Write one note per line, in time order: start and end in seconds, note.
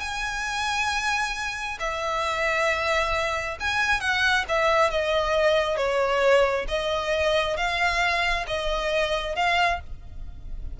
0.00 1.78 G#5
1.79 3.57 E5
3.60 4.00 G#5
4.00 4.44 F#5
4.48 4.90 E5
4.90 5.77 D#5
5.77 6.66 C#5
6.68 7.56 D#5
7.56 8.45 F5
8.47 9.35 D#5
9.35 9.80 F5